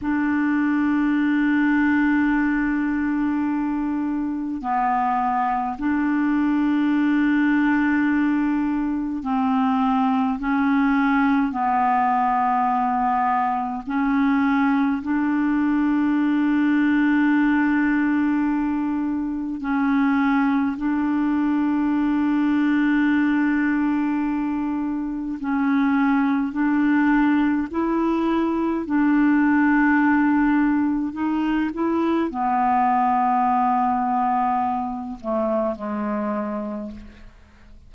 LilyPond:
\new Staff \with { instrumentName = "clarinet" } { \time 4/4 \tempo 4 = 52 d'1 | b4 d'2. | c'4 cis'4 b2 | cis'4 d'2.~ |
d'4 cis'4 d'2~ | d'2 cis'4 d'4 | e'4 d'2 dis'8 e'8 | b2~ b8 a8 gis4 | }